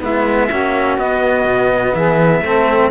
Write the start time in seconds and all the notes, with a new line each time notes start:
0.00 G#3 B3 E4 E5
0.48 A#3 C#4 F#4
0.97 B3 D#5
1.44 B2
1.94 E3 G#4 E5
2.41 A3 C4 A4